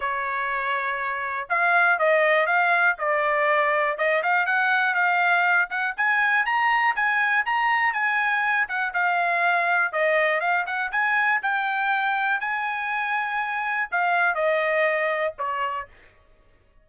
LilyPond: \new Staff \with { instrumentName = "trumpet" } { \time 4/4 \tempo 4 = 121 cis''2. f''4 | dis''4 f''4 d''2 | dis''8 f''8 fis''4 f''4. fis''8 | gis''4 ais''4 gis''4 ais''4 |
gis''4. fis''8 f''2 | dis''4 f''8 fis''8 gis''4 g''4~ | g''4 gis''2. | f''4 dis''2 cis''4 | }